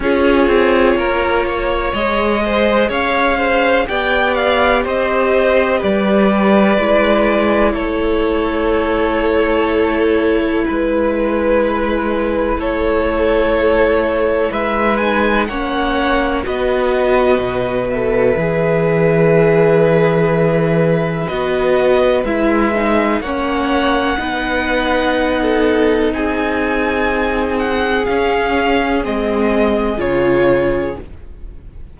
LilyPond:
<<
  \new Staff \with { instrumentName = "violin" } { \time 4/4 \tempo 4 = 62 cis''2 dis''4 f''4 | g''8 f''8 dis''4 d''2 | cis''2. b'4~ | b'4 cis''2 e''8 gis''8 |
fis''4 dis''4. e''4.~ | e''2 dis''4 e''4 | fis''2. gis''4~ | gis''8 fis''8 f''4 dis''4 cis''4 | }
  \new Staff \with { instrumentName = "violin" } { \time 4/4 gis'4 ais'8 cis''4 c''8 cis''8 c''8 | d''4 c''4 b'2 | a'2. b'4~ | b'4 a'2 b'4 |
cis''4 b'2.~ | b'1 | cis''4 b'4~ b'16 a'8. gis'4~ | gis'1 | }
  \new Staff \with { instrumentName = "viola" } { \time 4/4 f'2 gis'2 | g'2. e'4~ | e'1~ | e'2.~ e'8 dis'8 |
cis'4 fis'4. a'8 gis'4~ | gis'2 fis'4 e'8 dis'8 | cis'4 dis'2.~ | dis'4 cis'4 c'4 f'4 | }
  \new Staff \with { instrumentName = "cello" } { \time 4/4 cis'8 c'8 ais4 gis4 cis'4 | b4 c'4 g4 gis4 | a2. gis4~ | gis4 a2 gis4 |
ais4 b4 b,4 e4~ | e2 b4 gis4 | ais4 b2 c'4~ | c'4 cis'4 gis4 cis4 | }
>>